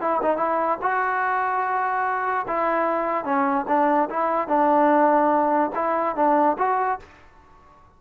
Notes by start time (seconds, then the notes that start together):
0.00 E4
0.22 D#4
0.37 E4
0.81 F#4
2.47 E4
3.24 C#4
3.67 D4
4.09 E4
4.47 D4
5.75 E4
6.15 D4
6.58 F#4